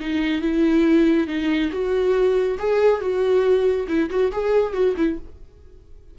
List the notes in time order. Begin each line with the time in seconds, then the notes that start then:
0.00 D#4
0.42 E4
1.27 D#4
1.72 F#4
2.59 G#4
3.01 F#4
3.88 E4
4.10 F#4
4.32 G#4
4.73 F#4
4.97 E4